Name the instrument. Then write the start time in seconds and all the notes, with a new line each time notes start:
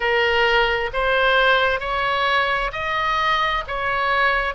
oboe
0.00 A#4
0.93 C5
1.80 C#5
2.72 D#5
3.67 C#5